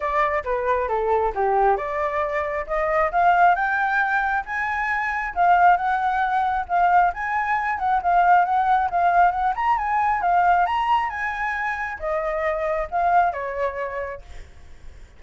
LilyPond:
\new Staff \with { instrumentName = "flute" } { \time 4/4 \tempo 4 = 135 d''4 b'4 a'4 g'4 | d''2 dis''4 f''4 | g''2 gis''2 | f''4 fis''2 f''4 |
gis''4. fis''8 f''4 fis''4 | f''4 fis''8 ais''8 gis''4 f''4 | ais''4 gis''2 dis''4~ | dis''4 f''4 cis''2 | }